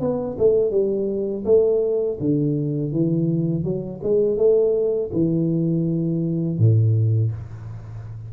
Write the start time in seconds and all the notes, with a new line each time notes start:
0.00 B3
0.38 A3
0.71 G3
1.45 A3
2.20 D3
2.92 E3
3.64 F#3
4.03 G#3
4.37 A3
5.13 E3
6.58 A2